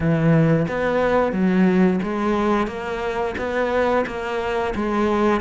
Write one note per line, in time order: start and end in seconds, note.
0.00 0.66 E3
0.67 1.32 B3
1.32 1.99 F#3
2.02 2.67 G#3
2.67 3.34 A#3
3.37 4.05 B3
4.06 4.73 A#3
4.75 5.41 G#3